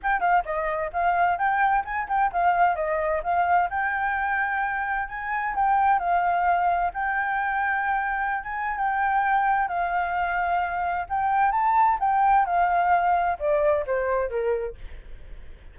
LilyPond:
\new Staff \with { instrumentName = "flute" } { \time 4/4 \tempo 4 = 130 g''8 f''8 dis''4 f''4 g''4 | gis''8 g''8 f''4 dis''4 f''4 | g''2. gis''4 | g''4 f''2 g''4~ |
g''2~ g''16 gis''8. g''4~ | g''4 f''2. | g''4 a''4 g''4 f''4~ | f''4 d''4 c''4 ais'4 | }